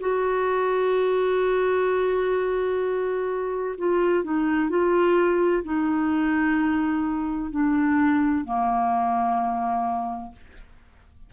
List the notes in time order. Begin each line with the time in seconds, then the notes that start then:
0.00 F#4
3.78 F4
4.24 D#4
4.69 F4
5.63 D#4
7.51 D4
8.44 A#3